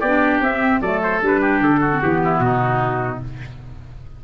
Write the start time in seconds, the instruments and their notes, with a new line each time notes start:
0.00 tuba B3, oboe G4, trumpet D5
0.06 clarinet D4
0.41 tuba C4, clarinet C4, trumpet E5
0.82 tuba F#3, clarinet A3, oboe A4, trumpet D5
1.03 trumpet C5
1.22 tuba G3, clarinet D4, trumpet B4
1.41 oboe G4
1.61 tuba D3, trumpet A4
1.81 oboe F#4
1.92 clarinet C4
2.02 tuba E3, clarinet B3, trumpet G4
2.25 oboe E4
2.39 tuba B2, oboe D#4, trumpet F#4